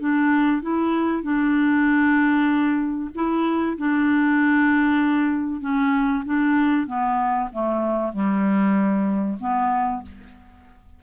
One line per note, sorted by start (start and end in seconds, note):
0.00 0.62 D4
0.62 1.23 E4
1.23 3.11 D4
3.15 3.78 E4
3.78 5.61 D4
5.61 6.24 C#4
6.26 6.87 D4
6.87 7.50 B3
7.53 8.13 A3
8.13 9.38 G3
9.40 10.03 B3